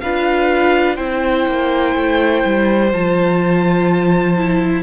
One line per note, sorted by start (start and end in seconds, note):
0.00 0.98 D4
0.00 0.97 F4
0.00 0.95 B4
0.00 0.96 F5
0.95 1.46 C4
0.95 2.90 E4
0.95 4.82 C5
0.95 2.90 G5
1.47 1.95 A#3
1.95 2.44 A3
2.45 2.93 G3
2.93 4.83 F3
2.93 4.37 F4
2.93 4.83 A5
4.37 4.83 E4